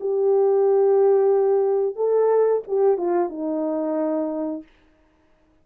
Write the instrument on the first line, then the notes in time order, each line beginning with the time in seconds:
horn
0.00 G4
1.96 A4
2.68 G4
2.98 F4
3.30 D#4